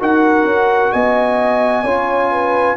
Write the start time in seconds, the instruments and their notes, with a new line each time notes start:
0.00 tuba D#4, trombone F#4, horn A#4, trumpet F#5
0.44 tuba C#4
0.92 tuba B3, horn D#5, trumpet G#5
1.84 tuba C#4, trombone F4, horn C#5
2.31 horn B4